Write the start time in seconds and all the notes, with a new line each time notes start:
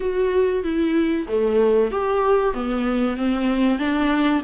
0.00 F#4
0.63 E4
1.28 A3
1.91 G4
2.53 B3
3.16 C4
3.78 D4